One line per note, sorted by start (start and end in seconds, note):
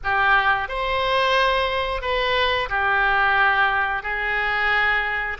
0.03 0.68 G4
0.68 2.01 C5
2.01 2.68 B4
2.69 4.02 G4
4.02 5.37 G#4